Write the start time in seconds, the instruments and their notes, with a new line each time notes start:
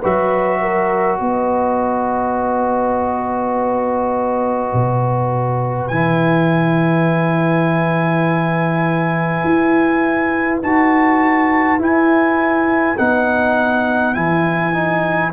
0.00 tuba F#3, trombone F#4, horn B4, trumpet E5
0.61 horn A#4
1.19 tuba B3, horn B4, trumpet D#5
4.73 tuba B2
5.87 tuba E3, trombone E4, trumpet G#5
9.43 tuba E4
10.62 tuba D#4, trombone F#4, trumpet A5
11.77 tuba E4, trombone E4, trumpet G#5
12.98 tuba B3, trombone D#4, trumpet F#5
14.14 tuba E3, trombone E4, trumpet G#5
14.73 trombone D#4